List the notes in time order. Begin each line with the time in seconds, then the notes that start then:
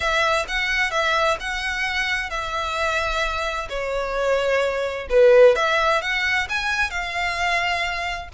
0.00 E5
0.47 F#5
0.90 E5
1.40 F#5
2.30 E5
3.69 C#5
5.09 B4
5.55 E5
6.01 F#5
6.49 G#5
6.90 F5